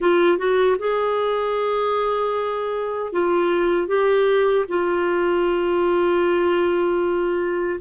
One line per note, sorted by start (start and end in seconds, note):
0.00 0.38 F4
0.38 0.77 F#4
0.78 3.12 G#4
3.12 3.87 F4
3.87 4.65 G4
4.68 7.80 F4